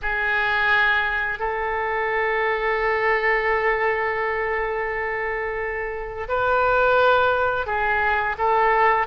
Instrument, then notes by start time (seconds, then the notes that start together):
oboe
0.02 G#4
1.39 A4
6.28 B4
7.66 G#4
8.38 A4